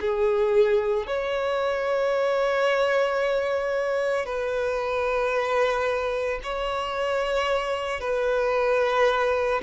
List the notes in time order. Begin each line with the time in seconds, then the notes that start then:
0.00 G#4
1.06 C#5
4.25 B4
6.43 C#5
8.00 B4